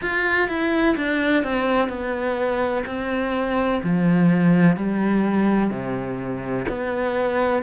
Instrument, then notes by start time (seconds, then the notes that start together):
cello
0.01 F4
0.48 E4
0.96 D4
1.43 C4
1.88 B3
2.86 C4
3.83 F3
4.76 G3
5.70 C3
6.68 B3